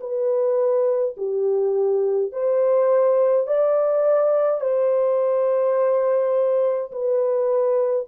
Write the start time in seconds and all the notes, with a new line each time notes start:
0.00 B4
1.17 G4
2.32 C5
3.47 D5
4.60 C5
6.92 B4